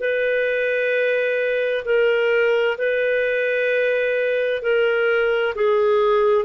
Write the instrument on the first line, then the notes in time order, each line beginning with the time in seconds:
clarinet
0.00 B4
1.85 A#4
2.78 B4
4.62 A#4
5.55 G#4